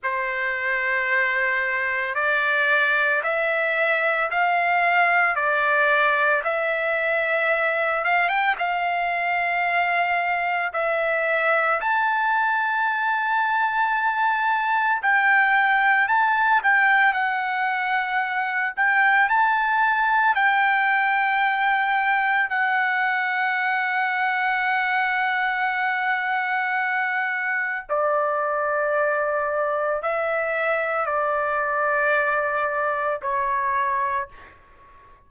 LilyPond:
\new Staff \with { instrumentName = "trumpet" } { \time 4/4 \tempo 4 = 56 c''2 d''4 e''4 | f''4 d''4 e''4. f''16 g''16 | f''2 e''4 a''4~ | a''2 g''4 a''8 g''8 |
fis''4. g''8 a''4 g''4~ | g''4 fis''2.~ | fis''2 d''2 | e''4 d''2 cis''4 | }